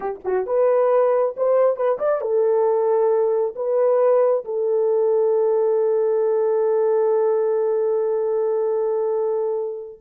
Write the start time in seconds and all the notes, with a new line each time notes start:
0.00 G4
0.24 F#4
0.46 B4
1.37 C5
1.76 B4
1.98 D5
2.21 A4
3.55 B4
4.44 A4